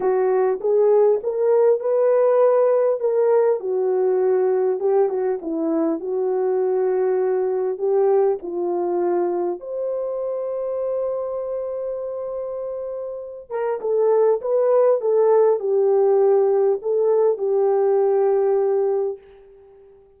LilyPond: \new Staff \with { instrumentName = "horn" } { \time 4/4 \tempo 4 = 100 fis'4 gis'4 ais'4 b'4~ | b'4 ais'4 fis'2 | g'8 fis'8 e'4 fis'2~ | fis'4 g'4 f'2 |
c''1~ | c''2~ c''8 ais'8 a'4 | b'4 a'4 g'2 | a'4 g'2. | }